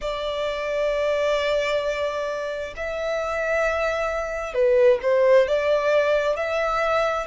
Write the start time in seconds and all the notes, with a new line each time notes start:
0.01 D5
2.76 E5
4.53 B4
5.02 C5
5.47 D5
6.36 E5